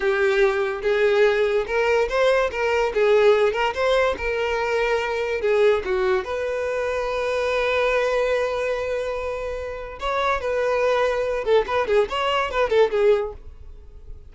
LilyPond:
\new Staff \with { instrumentName = "violin" } { \time 4/4 \tempo 4 = 144 g'2 gis'2 | ais'4 c''4 ais'4 gis'4~ | gis'8 ais'8 c''4 ais'2~ | ais'4 gis'4 fis'4 b'4~ |
b'1~ | b'1 | cis''4 b'2~ b'8 a'8 | b'8 gis'8 cis''4 b'8 a'8 gis'4 | }